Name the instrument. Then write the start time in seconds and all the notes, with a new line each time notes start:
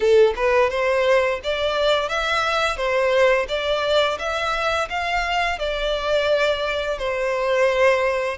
violin
0.00 A4
0.36 B4
0.70 C5
1.43 D5
2.09 E5
2.76 C5
3.48 D5
4.18 E5
4.89 F5
5.58 D5
6.98 C5